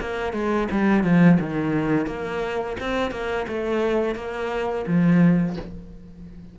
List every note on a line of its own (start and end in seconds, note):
0.00 0.33 A#3
0.33 0.68 G#3
0.71 1.03 G3
1.03 1.38 F3
1.40 2.06 D#3
2.06 2.76 A#3
2.79 3.11 C4
3.11 3.46 A#3
3.47 4.15 A3
4.15 4.85 A#3
4.86 5.56 F3